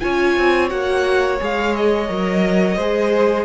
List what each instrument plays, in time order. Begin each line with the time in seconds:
0.00 cello C#4, viola F4, violin C#5 G#5
0.37 cello C4
0.69 cello A#3, viola F#4, violin F#5
1.40 cello G#3, viola G#4, violin F5
1.75 violin D#5
2.08 cello F#3, viola A#4
2.76 cello G#3, viola G#4, violin C5